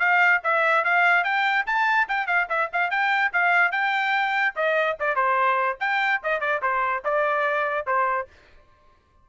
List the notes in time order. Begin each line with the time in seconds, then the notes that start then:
0.00 F5
0.44 E5
0.85 F5
1.24 G5
1.67 A5
2.09 G5
2.27 F5
2.50 E5
2.73 F5
2.91 G5
3.33 F5
3.72 G5
4.56 D#5
5.00 D5
5.16 C5
5.80 G5
6.24 D#5
6.41 D5
6.62 C5
7.05 D5
7.87 C5